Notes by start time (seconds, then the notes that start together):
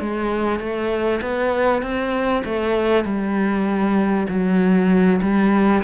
0.00 G#3
0.59 A3
1.21 B3
1.82 C4
2.45 A3
3.04 G3
4.29 F#3
5.22 G3